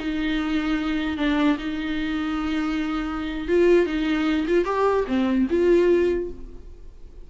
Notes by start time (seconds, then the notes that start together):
0.00 D#4
1.18 D4
1.58 D#4
3.48 F4
3.87 D#4
4.48 F4
4.65 G4
5.08 C4
5.51 F4